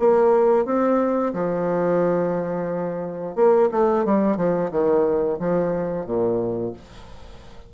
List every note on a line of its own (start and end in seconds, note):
0.00 0.66 A#3
0.66 1.33 C4
1.34 3.36 F3
3.36 3.70 A#3
3.72 4.05 A3
4.05 4.37 G3
4.37 4.71 F3
4.72 5.39 D#3
5.40 6.06 F3
6.06 6.74 A#2